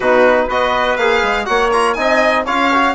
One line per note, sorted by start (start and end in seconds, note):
0.00 0.49 B2
0.00 0.50 D#4
0.00 0.47 F#4
0.00 0.49 B4
0.47 0.97 B3
0.47 0.99 F#4
0.47 1.45 B4
0.47 0.96 D#5
0.96 1.22 A#3
0.96 1.45 G#4
0.96 1.45 F5
1.22 1.47 G#3
1.45 1.97 A#3
1.45 1.69 F#4
1.45 1.98 C#5
1.45 1.70 F#5
1.72 1.96 F4
1.72 1.93 A#5
1.93 2.46 C4
1.93 2.45 D#4
1.93 2.45 D#5
1.93 2.43 G#5
2.45 2.94 C#4
2.45 2.71 F4
2.45 2.94 C#5
2.45 2.94 F5
2.73 2.94 F#4